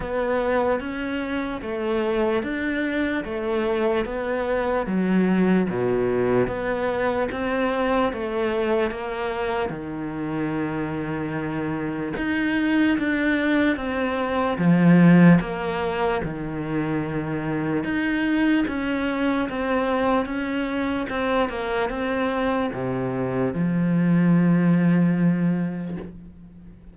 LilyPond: \new Staff \with { instrumentName = "cello" } { \time 4/4 \tempo 4 = 74 b4 cis'4 a4 d'4 | a4 b4 fis4 b,4 | b4 c'4 a4 ais4 | dis2. dis'4 |
d'4 c'4 f4 ais4 | dis2 dis'4 cis'4 | c'4 cis'4 c'8 ais8 c'4 | c4 f2. | }